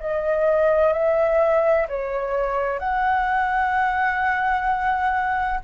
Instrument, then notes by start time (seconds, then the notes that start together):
flute
0.00 D#5
0.93 E5
1.88 C#5
2.80 F#5